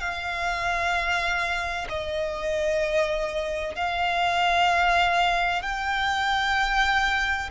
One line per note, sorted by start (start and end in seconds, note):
0.00 1.87 F5
1.89 3.75 D#5
3.75 5.62 F5
5.62 7.50 G5